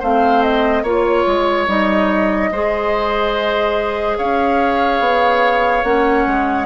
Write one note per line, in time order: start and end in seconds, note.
0.00 0.83 A3
0.00 0.86 C4
0.00 0.83 C5
0.00 0.43 F5
0.43 0.85 D#5
0.83 1.25 A#3
0.83 1.68 F4
0.83 2.50 C#5
0.83 1.68 C#5
1.27 1.68 G#3
1.68 2.51 G3
1.68 2.51 D#4
1.68 4.18 D#5
2.52 4.18 G#3
2.52 5.85 G#4
2.52 4.18 C5
4.18 5.00 C#4
4.18 6.66 C#5
4.18 5.84 F5
5.00 5.83 B3
5.84 6.26 A#3
5.84 6.66 C#4
5.84 6.66 F#5
6.27 6.66 G#3